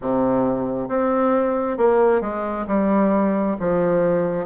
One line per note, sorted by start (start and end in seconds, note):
0.01 0.88 C3
0.88 1.77 C4
1.77 2.21 A#3
2.21 2.65 G#3
2.67 3.57 G3
3.59 4.46 F3